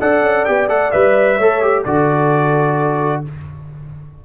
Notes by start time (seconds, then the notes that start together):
0.00 D4 A4 D5 F#5
0.22 C#4
0.45 B3 G4 G5
0.69 A3 A4 F#5
0.91 G3 B4 E5
1.37 A3 A4 C#5
1.62 G4
1.84 D3 F#4 A4 D5